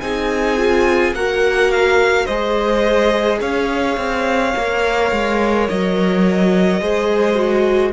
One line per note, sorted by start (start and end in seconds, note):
0.00 1.12 C4
0.00 0.57 D#4
0.00 1.16 G#4
0.00 1.13 G#5
0.57 1.14 F4
1.12 2.25 A#3
1.12 2.29 F#4
1.12 2.26 A#4
1.12 1.71 F#5
1.71 2.26 F5
2.26 3.41 G#3
2.26 4.55 G#4
2.26 3.39 C5
2.26 3.39 D#5
3.41 3.97 C#4
3.41 6.80 C#5
3.41 5.68 F5
3.97 4.53 C4
4.55 5.12 A#3
4.55 6.82 A#4
5.12 5.68 G#3
5.68 6.80 F#3
5.68 7.93 D#5
6.80 7.93 G#3
6.80 7.35 G#4
6.80 7.93 C5
7.35 7.91 F#4